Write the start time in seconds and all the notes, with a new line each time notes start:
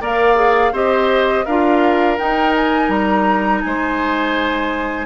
0.00 A#3 A#4 D5 F5
0.36 G#4
0.73 C4 G4 C5 D#5
1.45 D4 F4 A#4 F5
2.18 D#4 G5
2.56 G#5
2.89 G3 A#5
3.62 G#3 C5 G#5